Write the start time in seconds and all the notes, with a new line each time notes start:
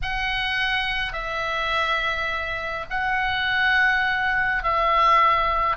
0.02 F#5
1.12 E5
2.90 F#5
4.63 E5